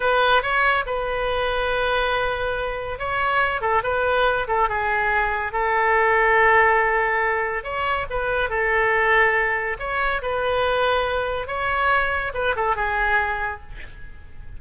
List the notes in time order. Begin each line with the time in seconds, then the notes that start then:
0.00 B4
0.42 C#5
0.85 B4
2.98 C#5
3.61 A4
3.83 B4
4.47 A4
4.68 G#4
5.52 A4
7.63 C#5
8.10 B4
8.49 A4
9.79 C#5
10.21 B4
11.47 C#5
12.33 B4
12.56 A4
12.75 G#4